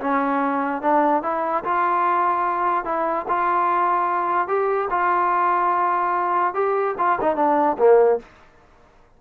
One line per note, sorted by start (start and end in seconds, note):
0.00 0.82 C#4
0.82 1.23 D4
1.23 1.64 E4
1.64 2.85 F4
2.85 3.26 E4
3.28 4.48 F4
4.48 4.89 G4
4.90 6.54 F4
6.54 6.95 G4
6.98 7.19 F4
7.21 7.36 D#4
7.36 7.77 D4
7.78 8.19 A#3